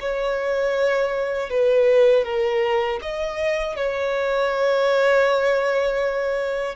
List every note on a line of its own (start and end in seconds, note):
0.00 1.49 C#5
1.49 2.24 B4
2.24 2.99 A#4
3.02 3.76 D#5
3.76 6.75 C#5